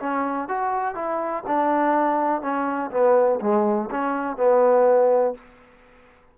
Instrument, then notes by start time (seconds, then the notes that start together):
trombone
0.00 C#4
0.49 F#4
0.95 E4
1.47 D4
2.42 C#4
2.91 B3
3.41 G#3
3.91 C#4
4.37 B3